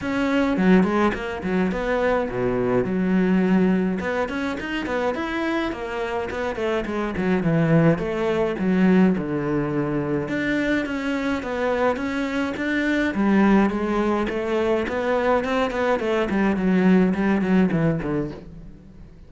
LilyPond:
\new Staff \with { instrumentName = "cello" } { \time 4/4 \tempo 4 = 105 cis'4 fis8 gis8 ais8 fis8 b4 | b,4 fis2 b8 cis'8 | dis'8 b8 e'4 ais4 b8 a8 | gis8 fis8 e4 a4 fis4 |
d2 d'4 cis'4 | b4 cis'4 d'4 g4 | gis4 a4 b4 c'8 b8 | a8 g8 fis4 g8 fis8 e8 d8 | }